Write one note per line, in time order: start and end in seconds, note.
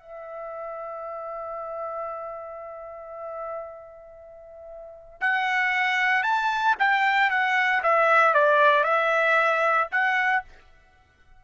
0.00 5.21 E5
5.21 6.23 F#5
6.23 6.76 A5
6.79 7.30 G5
7.30 7.83 F#5
7.84 8.35 E5
8.35 8.84 D5
8.84 9.89 E5
9.92 10.44 F#5